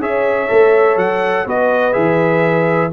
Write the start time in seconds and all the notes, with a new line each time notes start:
0.00 C#4 G#4 C#5 E5
0.48 A3 A4
0.96 F#3 F#5
1.45 B3 F#4 B4 D#5
1.92 E3 G#4 E5